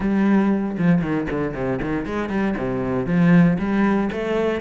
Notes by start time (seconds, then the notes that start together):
0.00 G3
0.78 F3
1.01 D#3
1.30 D3
1.54 C3
1.82 D#3
2.05 G#3
2.29 G3
2.57 C3
3.06 F3
3.58 G3
4.12 A3